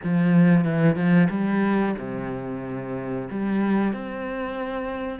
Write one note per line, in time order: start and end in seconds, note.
0.03 0.64 F3
0.64 0.95 E3
0.95 1.28 F3
1.30 1.95 G3
1.98 3.28 C3
3.30 3.93 G3
3.93 5.19 C4